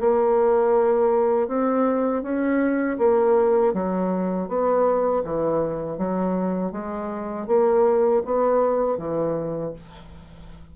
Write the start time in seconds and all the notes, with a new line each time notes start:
0.00 A#3
1.48 C4
2.23 C#4
2.99 A#3
3.74 F#3
4.48 B3
5.24 E3
5.98 F#3
6.72 G#3
7.47 A#3
8.25 B3
8.98 E3